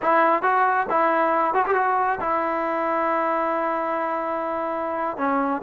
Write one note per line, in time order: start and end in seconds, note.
0.01 0.42 E4
0.42 0.86 F#4
0.89 1.54 E4
1.54 1.65 F#4
1.66 1.74 G4
1.74 2.19 F#4
2.20 5.17 E4
5.17 5.61 C#4